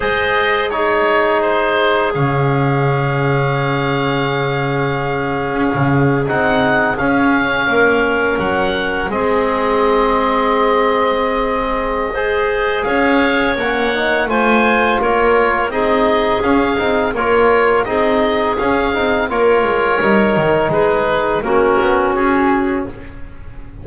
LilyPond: <<
  \new Staff \with { instrumentName = "oboe" } { \time 4/4 \tempo 4 = 84 dis''4 cis''4 c''4 f''4~ | f''1~ | f''8. fis''4 f''2 fis''16~ | fis''8. dis''2.~ dis''16~ |
dis''2 f''4 fis''4 | gis''4 cis''4 dis''4 f''4 | cis''4 dis''4 f''4 cis''4~ | cis''4 b'4 ais'4 gis'4 | }
  \new Staff \with { instrumentName = "clarinet" } { \time 4/4 c''4 gis'2.~ | gis'1~ | gis'2~ gis'8. ais'4~ ais'16~ | ais'8. gis'2.~ gis'16~ |
gis'4 c''4 cis''2 | c''4 ais'4 gis'2 | ais'4 gis'2 ais'4~ | ais'4 gis'4 fis'2 | }
  \new Staff \with { instrumentName = "trombone" } { \time 4/4 gis'4 dis'2 cis'4~ | cis'1~ | cis'8. dis'4 cis'2~ cis'16~ | cis'8. c'2.~ c'16~ |
c'4 gis'2 cis'8 dis'8 | f'2 dis'4 cis'8 dis'8 | f'4 dis'4 cis'8 dis'8 f'4 | dis'2 cis'2 | }
  \new Staff \with { instrumentName = "double bass" } { \time 4/4 gis2. cis4~ | cis2.~ cis8. cis'16 | cis8. c'4 cis'4 ais4 fis16~ | fis8. gis2.~ gis16~ |
gis2 cis'4 ais4 | a4 ais4 c'4 cis'8 c'8 | ais4 c'4 cis'8 c'8 ais8 gis8 | g8 dis8 gis4 ais8 b8 cis'4 | }
>>